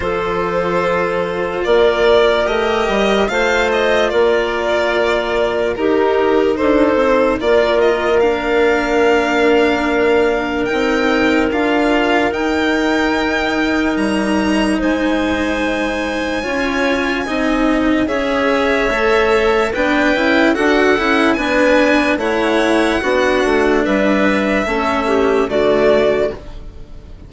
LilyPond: <<
  \new Staff \with { instrumentName = "violin" } { \time 4/4 \tempo 4 = 73 c''2 d''4 dis''4 | f''8 dis''8 d''2 ais'4 | c''4 d''8 dis''8 f''2~ | f''4 g''4 f''4 g''4~ |
g''4 ais''4 gis''2~ | gis''2 e''2 | g''4 fis''4 gis''4 fis''4~ | fis''4 e''2 d''4 | }
  \new Staff \with { instrumentName = "clarinet" } { \time 4/4 a'2 ais'2 | c''4 ais'2 g'4 | a'4 ais'2.~ | ais'1~ |
ais'2 c''2 | cis''4 dis''4 cis''2 | b'4 a'4 b'4 cis''4 | fis'4 b'4 a'8 g'8 fis'4 | }
  \new Staff \with { instrumentName = "cello" } { \time 4/4 f'2. g'4 | f'2. dis'4~ | dis'4 f'4 d'2~ | d'4 dis'4 f'4 dis'4~ |
dis'1 | f'4 dis'4 gis'4 a'4 | d'8 e'8 fis'8 e'8 d'4 e'4 | d'2 cis'4 a4 | }
  \new Staff \with { instrumentName = "bassoon" } { \time 4/4 f2 ais4 a8 g8 | a4 ais2 dis'4 | d'8 c'8 ais2.~ | ais4 c'4 d'4 dis'4~ |
dis'4 g4 gis2 | cis'4 c'4 cis'4 a4 | b8 cis'8 d'8 cis'8 b4 a4 | b8 a8 g4 a4 d4 | }
>>